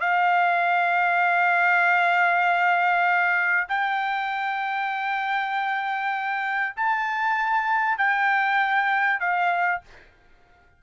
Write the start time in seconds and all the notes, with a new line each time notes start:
0.00 F5
3.68 G5
6.76 A5
7.98 G5
9.20 F5